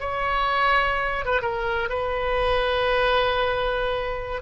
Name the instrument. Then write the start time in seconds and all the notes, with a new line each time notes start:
oboe
0.00 C#5
1.25 B4
1.42 A#4
1.89 B4